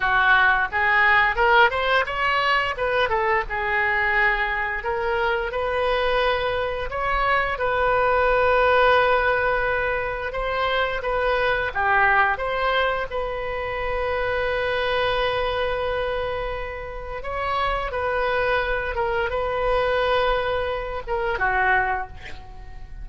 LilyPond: \new Staff \with { instrumentName = "oboe" } { \time 4/4 \tempo 4 = 87 fis'4 gis'4 ais'8 c''8 cis''4 | b'8 a'8 gis'2 ais'4 | b'2 cis''4 b'4~ | b'2. c''4 |
b'4 g'4 c''4 b'4~ | b'1~ | b'4 cis''4 b'4. ais'8 | b'2~ b'8 ais'8 fis'4 | }